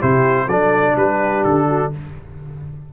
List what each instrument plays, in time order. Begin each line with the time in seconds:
0.00 tuba C3, trombone E4, horn G4, trumpet C5
0.46 tuba F#3, trombone D4, horn A4, trumpet D5
0.97 tuba G3, horn G4, trumpet B4
1.44 tuba D3, trumpet A4
1.68 horn F#4